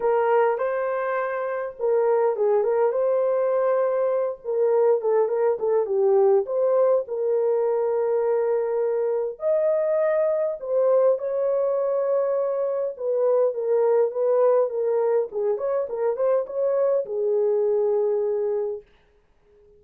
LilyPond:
\new Staff \with { instrumentName = "horn" } { \time 4/4 \tempo 4 = 102 ais'4 c''2 ais'4 | gis'8 ais'8 c''2~ c''8 ais'8~ | ais'8 a'8 ais'8 a'8 g'4 c''4 | ais'1 |
dis''2 c''4 cis''4~ | cis''2 b'4 ais'4 | b'4 ais'4 gis'8 cis''8 ais'8 c''8 | cis''4 gis'2. | }